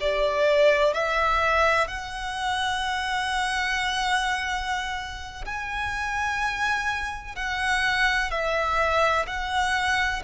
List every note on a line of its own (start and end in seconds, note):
0.00 0.94 D5
0.94 1.87 E5
1.87 5.45 F#5
5.45 7.35 G#5
7.35 8.31 F#5
8.31 9.26 E5
9.27 10.22 F#5